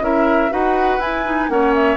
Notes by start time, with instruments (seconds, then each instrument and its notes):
0.00 bassoon C#4, clarinet E4, oboe A#4, flute E5
0.50 bassoon D#4, clarinet F#4, oboe B4, flute F#5
0.98 bassoon E4, clarinet E4, flute G#5
1.25 clarinet D#4
1.49 bassoon A#3, clarinet C#4, oboe C#5, flute F#5
1.74 flute E5